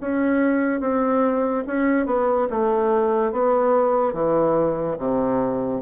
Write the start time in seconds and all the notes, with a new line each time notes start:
0.00 C#4
0.80 C4
1.67 C#4
2.06 B3
2.50 A3
3.31 B3
4.13 E3
4.98 C3